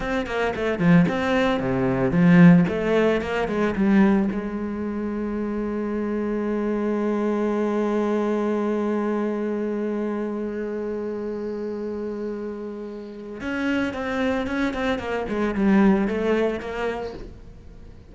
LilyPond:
\new Staff \with { instrumentName = "cello" } { \time 4/4 \tempo 4 = 112 c'8 ais8 a8 f8 c'4 c4 | f4 a4 ais8 gis8 g4 | gis1~ | gis1~ |
gis1~ | gis1~ | gis4 cis'4 c'4 cis'8 c'8 | ais8 gis8 g4 a4 ais4 | }